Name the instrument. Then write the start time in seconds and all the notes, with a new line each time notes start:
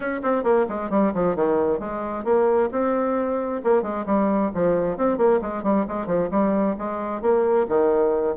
bassoon
0.00 C#4
0.22 C4
0.43 A#3
0.68 G#3
0.90 G3
1.14 F3
1.35 D#3
1.79 G#3
2.24 A#3
2.71 C4
3.63 A#3
3.82 G#3
4.06 G3
4.54 F3
4.97 C4
5.17 A#3
5.41 G#3
5.63 G3
5.88 G#3
6.06 F3
6.31 G3
6.78 G#3
7.21 A#3
7.68 D#3